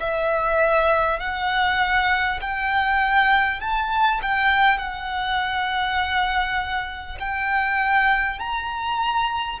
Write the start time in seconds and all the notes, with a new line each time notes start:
0.00 E5
1.19 F#5
2.41 G5
3.60 A5
4.22 G5
4.78 F#5
7.19 G5
8.39 A#5